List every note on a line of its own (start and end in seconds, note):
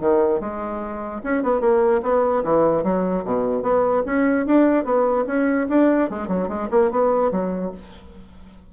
0.00 0.40 D#3
0.40 1.21 G#3
1.23 1.43 C#4
1.43 1.60 B3
1.60 2.01 A#3
2.02 2.43 B3
2.43 2.83 E3
2.83 3.24 F#3
3.24 3.62 B2
3.62 4.03 B3
4.05 4.46 C#4
4.46 4.84 D4
4.84 5.25 B3
5.26 5.67 C#4
5.69 6.09 D4
6.09 6.27 G#3
6.27 6.48 F#3
6.48 6.68 G#3
6.70 6.90 A#3
6.91 7.31 B3
7.31 7.71 F#3